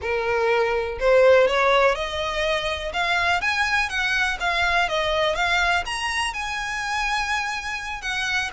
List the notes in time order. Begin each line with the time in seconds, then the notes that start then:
0.01 A#4
0.99 C5
1.47 C#5
1.95 D#5
2.93 F5
3.41 G#5
3.89 F#5
4.40 F5
4.88 D#5
5.35 F5
5.85 A#5
6.33 G#5
8.01 F#5